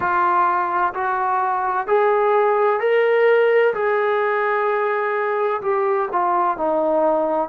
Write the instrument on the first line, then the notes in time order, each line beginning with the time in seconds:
trombone
0.00 F4
0.94 F#4
1.87 G#4
2.80 A#4
3.73 G#4
5.61 G4
6.12 F4
6.57 D#4